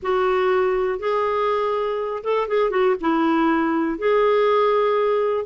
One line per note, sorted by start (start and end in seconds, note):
0.02 0.99 F#4
0.99 2.23 G#4
2.23 2.47 A4
2.47 2.70 G#4
2.70 2.95 F#4
3.00 3.98 E4
3.98 5.45 G#4